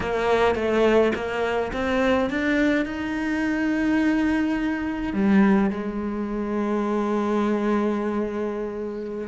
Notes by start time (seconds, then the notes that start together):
0.00 A#3
0.55 A3
1.15 A#3
1.72 C4
2.30 D4
2.85 D#4
5.13 G3
5.70 G#3